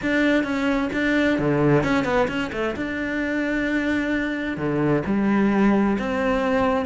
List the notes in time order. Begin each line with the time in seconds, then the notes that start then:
0.02 D4
0.43 C#4
0.92 D4
1.39 D3
1.83 C#4
2.04 B3
2.28 C#4
2.52 A3
2.75 D4
4.57 D3
5.05 G3
5.98 C4